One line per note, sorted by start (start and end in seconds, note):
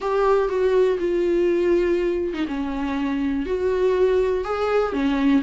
0.00 0.48 G4
0.48 0.97 F#4
0.99 2.33 F4
2.33 2.46 D#4
2.47 3.46 C#4
3.46 4.44 F#4
4.44 4.92 G#4
4.92 5.42 C#4